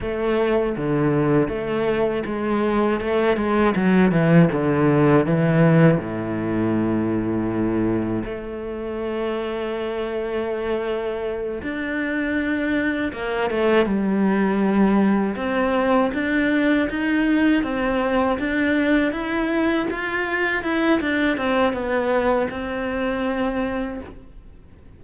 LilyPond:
\new Staff \with { instrumentName = "cello" } { \time 4/4 \tempo 4 = 80 a4 d4 a4 gis4 | a8 gis8 fis8 e8 d4 e4 | a,2. a4~ | a2.~ a8 d'8~ |
d'4. ais8 a8 g4.~ | g8 c'4 d'4 dis'4 c'8~ | c'8 d'4 e'4 f'4 e'8 | d'8 c'8 b4 c'2 | }